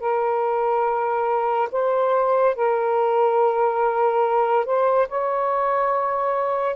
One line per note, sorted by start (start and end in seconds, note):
0.00 1.69 A#4
1.72 2.55 C5
2.55 4.66 A#4
4.66 5.08 C5
5.09 6.76 C#5